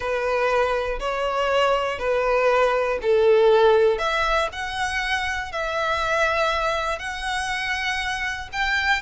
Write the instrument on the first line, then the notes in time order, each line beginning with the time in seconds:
violin
0.00 B4
0.99 C#5
1.98 B4
3.01 A4
3.98 E5
4.52 F#5
5.52 E5
6.98 F#5
8.52 G5